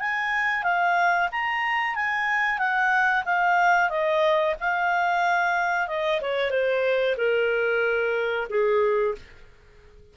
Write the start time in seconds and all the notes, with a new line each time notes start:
0.00 G#5
0.63 F5
1.31 A#5
1.95 G#5
2.58 F#5
3.25 F5
3.89 D#5
4.59 F5
5.87 D#5
6.21 C#5
6.50 C5
7.17 A#4
8.49 G#4